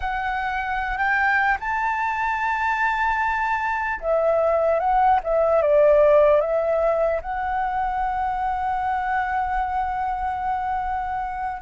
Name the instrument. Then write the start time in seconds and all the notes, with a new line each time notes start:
flute
0.00 F#5
0.97 G5
1.60 A5
4.00 E5
4.79 F#5
5.23 E5
5.62 D5
6.40 E5
7.21 F#5